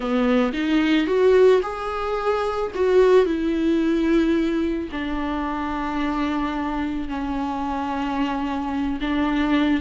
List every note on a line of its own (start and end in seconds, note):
0.00 0.52 B3
0.53 1.06 D#4
1.06 1.61 F#4
1.62 2.71 G#4
2.74 3.25 F#4
3.25 4.89 E4
4.91 7.08 D4
7.08 8.99 C#4
9.00 9.81 D4